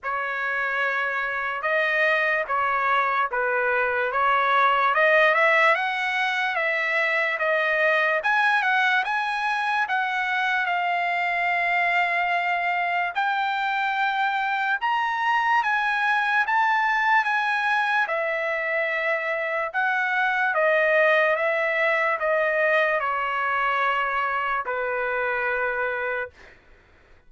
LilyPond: \new Staff \with { instrumentName = "trumpet" } { \time 4/4 \tempo 4 = 73 cis''2 dis''4 cis''4 | b'4 cis''4 dis''8 e''8 fis''4 | e''4 dis''4 gis''8 fis''8 gis''4 | fis''4 f''2. |
g''2 ais''4 gis''4 | a''4 gis''4 e''2 | fis''4 dis''4 e''4 dis''4 | cis''2 b'2 | }